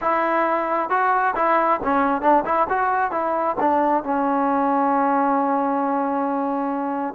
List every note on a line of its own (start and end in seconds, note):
0.01 0.89 E4
0.89 1.34 F#4
1.35 1.80 E4
1.83 2.21 C#4
2.21 2.44 D4
2.45 2.67 E4
2.69 3.11 F#4
3.11 3.56 E4
3.60 4.03 D4
4.03 7.14 C#4